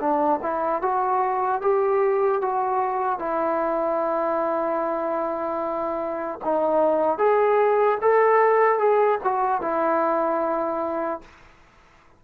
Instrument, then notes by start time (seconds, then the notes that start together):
trombone
0.00 D4
0.43 E4
0.82 F#4
1.62 G4
2.42 F#4
3.19 E4
6.44 D#4
7.19 G#4
8.02 A4
8.79 G#4
9.24 F#4
9.62 E4